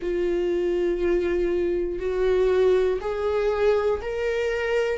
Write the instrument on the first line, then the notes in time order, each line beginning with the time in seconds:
viola
0.01 F4
1.99 F#4
3.00 G#4
4.01 A#4